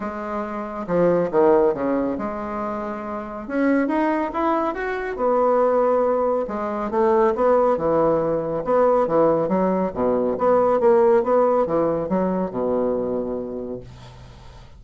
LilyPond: \new Staff \with { instrumentName = "bassoon" } { \time 4/4 \tempo 4 = 139 gis2 f4 dis4 | cis4 gis2. | cis'4 dis'4 e'4 fis'4 | b2. gis4 |
a4 b4 e2 | b4 e4 fis4 b,4 | b4 ais4 b4 e4 | fis4 b,2. | }